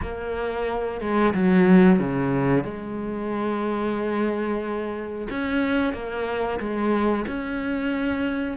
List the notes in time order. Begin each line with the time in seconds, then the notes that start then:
0.02 A#3
1.00 G#3
1.34 F#3
1.99 C#3
2.64 G#3
5.30 C#4
5.93 A#3
6.59 G#3
7.27 C#4